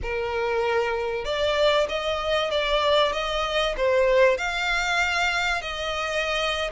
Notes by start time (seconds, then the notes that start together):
0.02 A#4
1.24 D5
1.88 D#5
2.50 D5
3.12 D#5
3.76 C5
4.37 F5
5.61 D#5